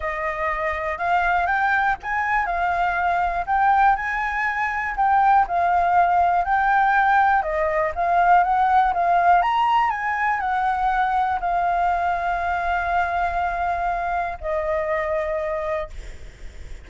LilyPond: \new Staff \with { instrumentName = "flute" } { \time 4/4 \tempo 4 = 121 dis''2 f''4 g''4 | gis''4 f''2 g''4 | gis''2 g''4 f''4~ | f''4 g''2 dis''4 |
f''4 fis''4 f''4 ais''4 | gis''4 fis''2 f''4~ | f''1~ | f''4 dis''2. | }